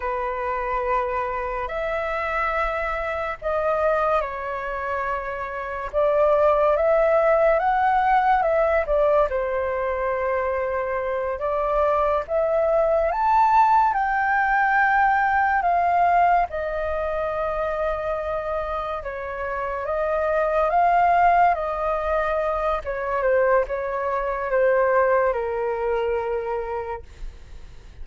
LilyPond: \new Staff \with { instrumentName = "flute" } { \time 4/4 \tempo 4 = 71 b'2 e''2 | dis''4 cis''2 d''4 | e''4 fis''4 e''8 d''8 c''4~ | c''4. d''4 e''4 a''8~ |
a''8 g''2 f''4 dis''8~ | dis''2~ dis''8 cis''4 dis''8~ | dis''8 f''4 dis''4. cis''8 c''8 | cis''4 c''4 ais'2 | }